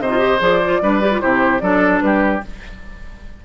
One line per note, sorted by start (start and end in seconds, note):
0.00 0.40 C3
0.00 0.82 C5
0.00 0.41 D#5
0.06 0.11 D#4
0.06 0.18 F4
0.18 0.38 G4
0.40 0.81 F3
0.40 0.60 G#4
0.40 1.21 D5
0.65 0.82 F4
0.82 1.22 G3
0.82 1.01 D4
0.82 1.22 B4
1.01 1.11 G4
1.12 1.21 F4
1.21 1.62 C3
1.21 1.61 E4
1.21 1.62 G4
1.21 1.60 C5
1.60 2.02 F#3
1.60 2.42 D4
1.60 2.03 A4
1.60 2.00 D5
2.01 2.42 G3
2.01 2.45 G4
2.01 2.41 B4